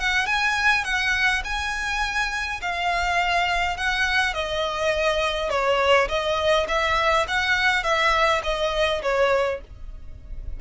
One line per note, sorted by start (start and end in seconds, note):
0.00 0.26 F#5
0.26 0.84 G#5
0.84 1.43 F#5
1.44 2.61 G#5
2.61 3.77 F5
3.77 4.34 F#5
4.34 5.50 D#5
5.50 6.08 C#5
6.08 6.67 D#5
6.68 7.27 E5
7.28 7.83 F#5
7.83 8.41 E5
8.44 9.02 D#5
9.02 9.61 C#5